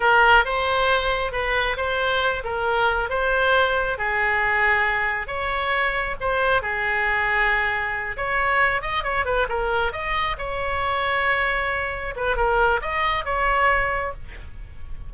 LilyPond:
\new Staff \with { instrumentName = "oboe" } { \time 4/4 \tempo 4 = 136 ais'4 c''2 b'4 | c''4. ais'4. c''4~ | c''4 gis'2. | cis''2 c''4 gis'4~ |
gis'2~ gis'8 cis''4. | dis''8 cis''8 b'8 ais'4 dis''4 cis''8~ | cis''2.~ cis''8 b'8 | ais'4 dis''4 cis''2 | }